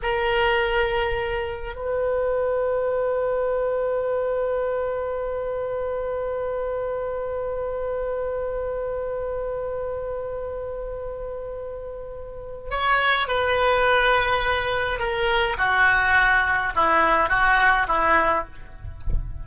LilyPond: \new Staff \with { instrumentName = "oboe" } { \time 4/4 \tempo 4 = 104 ais'2. b'4~ | b'1~ | b'1~ | b'1~ |
b'1~ | b'2 cis''4 b'4~ | b'2 ais'4 fis'4~ | fis'4 e'4 fis'4 e'4 | }